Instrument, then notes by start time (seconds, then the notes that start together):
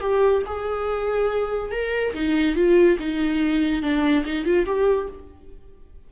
viola
0.00 G4
0.46 G#4
1.71 A#4
2.14 D#4
2.55 F4
2.99 D#4
3.82 D4
4.25 D#4
4.45 F4
4.66 G4